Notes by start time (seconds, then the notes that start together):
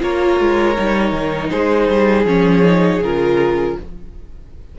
0.00 A#3 F4 A#4 C#5
0.40 G#3
0.77 G3 D#4
1.12 D#3
1.50 G#3 G#4 C5
1.89 G3
2.25 F3 C#4 C#5
2.64 D#4
3.01 C#3 F4 A#4